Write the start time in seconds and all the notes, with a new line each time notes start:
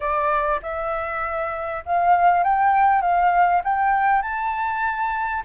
0.00 D5
0.62 E5
1.85 F5
2.43 G5
3.01 F5
3.64 G5
4.21 A5